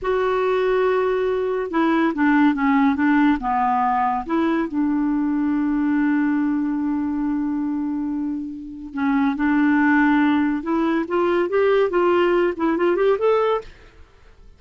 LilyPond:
\new Staff \with { instrumentName = "clarinet" } { \time 4/4 \tempo 4 = 141 fis'1 | e'4 d'4 cis'4 d'4 | b2 e'4 d'4~ | d'1~ |
d'1~ | d'4 cis'4 d'2~ | d'4 e'4 f'4 g'4 | f'4. e'8 f'8 g'8 a'4 | }